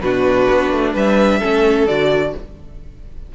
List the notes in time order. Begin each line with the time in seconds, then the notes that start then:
0.00 B2 D4 F#4 B4
0.49 B3
0.71 A3
0.93 G3 B4 E5
1.39 A3 C#4 A4
1.87 D3 F#4 D5